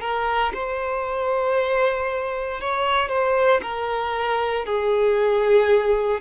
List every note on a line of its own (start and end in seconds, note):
0.00 0.52 A#4
0.54 2.60 C5
2.60 3.08 C#5
3.08 3.60 C5
3.62 4.66 A#4
4.66 6.21 G#4